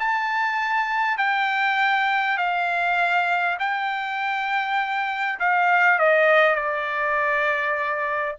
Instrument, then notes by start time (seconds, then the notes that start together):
trumpet
0.00 A5
1.18 G5
2.38 F5
3.59 G5
5.40 F5
5.99 D#5
6.56 D5